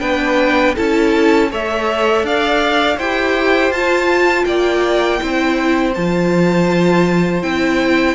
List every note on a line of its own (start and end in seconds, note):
0.00 0.75 B3
0.00 0.74 D4
0.00 0.75 B4
0.00 0.74 G5
0.75 1.52 C#4
0.75 1.50 E4
0.75 1.49 A4
0.75 1.51 A5
1.50 2.23 A3
1.50 2.98 A4
1.50 2.25 C#5
1.50 2.26 E5
2.23 2.97 D4
2.23 2.96 D5
2.23 2.98 F5
2.96 3.70 E4
2.96 3.73 G4
2.96 4.44 C5
2.96 3.72 G5
3.70 4.44 F4
3.70 5.19 F4
3.70 4.44 A5
4.44 5.20 A#3
4.44 5.21 D5
4.44 5.92 G5
5.19 5.96 C4
5.19 5.93 E4
5.19 8.14 C5
5.94 7.43 F3
5.94 7.42 F4
5.94 7.42 A5
7.42 8.14 C4
7.42 8.14 E4
7.42 8.14 G5